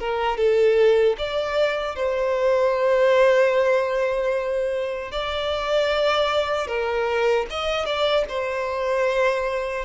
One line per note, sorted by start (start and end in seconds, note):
0.00 0.38 A#4
0.38 1.17 A4
1.18 1.96 D5
1.96 5.12 C5
5.12 6.67 D5
6.67 7.46 A#4
7.51 7.86 D#5
7.86 8.25 D5
8.29 9.86 C5